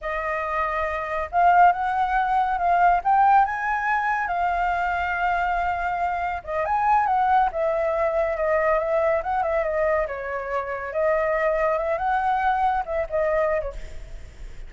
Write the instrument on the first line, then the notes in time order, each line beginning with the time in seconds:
flute
0.01 D#5
1.31 F5
1.72 F#5
2.57 F5
3.04 G5
3.45 G#5
4.27 F5
6.44 D#5
6.65 G#5
7.06 F#5
7.51 E5
8.36 D#5
8.79 E5
9.23 F#5
9.42 E5
9.63 D#5
10.07 C#5
10.92 D#5
11.78 E5
11.98 F#5
12.85 E5
13.09 D#5
13.61 C#5